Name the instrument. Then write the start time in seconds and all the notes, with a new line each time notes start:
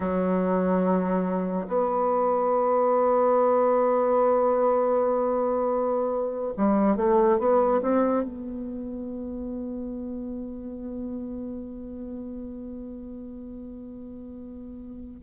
bassoon
0.00 F#3
1.67 B3
6.56 G3
6.96 A3
7.38 B3
7.82 C4
8.23 B3